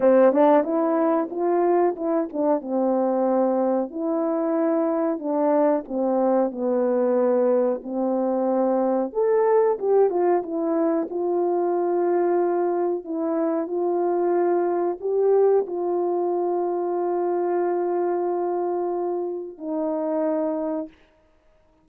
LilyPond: \new Staff \with { instrumentName = "horn" } { \time 4/4 \tempo 4 = 92 c'8 d'8 e'4 f'4 e'8 d'8 | c'2 e'2 | d'4 c'4 b2 | c'2 a'4 g'8 f'8 |
e'4 f'2. | e'4 f'2 g'4 | f'1~ | f'2 dis'2 | }